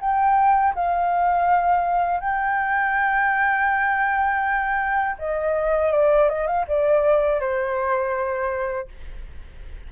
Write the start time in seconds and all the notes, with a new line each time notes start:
0.00 G5
0.75 F5
2.20 G5
5.18 D#5
5.92 D5
6.29 D#5
6.47 F5
6.68 D5
7.40 C5